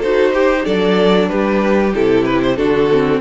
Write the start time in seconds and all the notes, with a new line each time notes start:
0.00 D#4 F#4 A4 C5
0.34 G4
0.63 F#3 D4 A4 D5
1.29 G3 G4 B4
1.95 C3 E4 A4
2.26 B4
2.43 C5
2.57 D3 D4 F#4 A4
2.92 C4